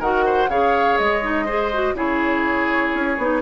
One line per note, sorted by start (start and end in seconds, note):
0.00 0.49 D#3
0.00 0.50 F#4
0.00 0.25 A#4
0.00 0.50 F#5
0.26 0.50 C5
0.49 0.98 C#3
0.49 1.22 G#4
0.49 1.46 C#5
0.49 0.98 F5
0.98 1.94 G#3
0.98 1.96 D#5
1.22 1.47 D#4
1.46 1.72 G#4
1.46 1.95 C5
1.74 1.96 F#4
1.94 2.92 C#3
1.94 3.18 E4
1.94 3.42 G#4
1.94 3.42 C#5
2.95 3.18 C#4
3.18 3.42 B3
3.18 3.42 D#4